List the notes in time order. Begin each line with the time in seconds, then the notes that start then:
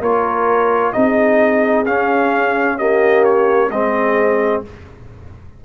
0.00 A#3 F4 A#4 C#5
0.92 C4 D#4 G#4 D#5
1.85 C#4 F5
2.77 A#3 G4 D#5
3.24 C#5
3.70 G#3 C4 G#4 D#5